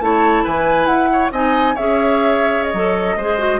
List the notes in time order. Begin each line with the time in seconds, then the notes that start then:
0.00 A3 E4 C#5 A5
0.43 E3 B4 G#5
0.86 E4 F#5
1.12 C#5
1.31 C4 D#4 D#5 G#5
1.74 C#4 G#4 C#5 E5
2.63 D#5
2.73 F#3 A4
3.16 G#3 G#4 C5
3.38 F#4